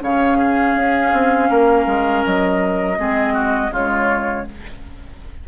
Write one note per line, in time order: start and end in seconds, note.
0.00 0.75 C#3
0.00 2.96 C#4
0.00 0.38 C#5
0.00 2.25 F5
0.38 1.49 G#4
0.75 1.12 C#4
1.12 1.50 C4
1.50 1.86 A#3
1.50 2.98 A#4
1.86 2.23 G#3
2.25 2.98 F#3
2.25 3.73 D#5
2.97 3.70 G#3
2.97 3.71 C4
2.97 3.34 G#4
3.34 3.71 F#4
3.70 4.44 C#3
3.70 4.46 G#3
3.70 4.46 F4
3.70 4.48 C#5